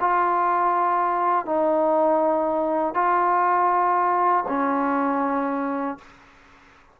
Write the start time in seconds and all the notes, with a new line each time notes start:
0.00 F4
1.46 D#4
2.94 F4
4.48 C#4